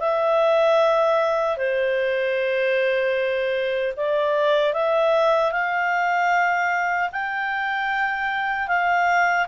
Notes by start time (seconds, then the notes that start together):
0.00 E5
1.57 C5
3.97 D5
4.73 E5
5.52 F5
7.13 G5
8.68 F5